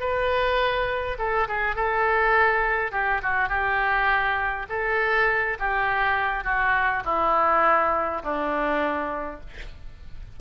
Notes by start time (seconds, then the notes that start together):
0.00 B4
1.18 A4
1.48 G#4
1.76 A4
2.92 G4
3.22 F#4
3.49 G4
4.70 A4
5.59 G4
6.44 F#4
7.05 E4
8.23 D4